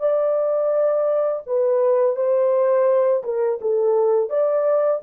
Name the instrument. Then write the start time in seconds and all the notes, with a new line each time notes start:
horn
0.00 D5
1.47 B4
2.16 C5
3.24 A#4
3.62 A4
4.30 D5